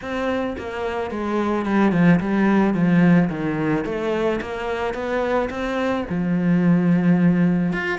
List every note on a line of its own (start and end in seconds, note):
0.01 0.56 C4
0.58 1.10 A#3
1.10 1.65 G#3
1.65 1.92 G3
1.92 2.19 F3
2.19 2.74 G3
2.74 3.29 F3
3.29 3.84 D#3
3.84 4.39 A3
4.41 4.94 A#3
4.94 5.49 B3
5.49 6.05 C4
6.09 7.72 F3
7.72 7.98 F4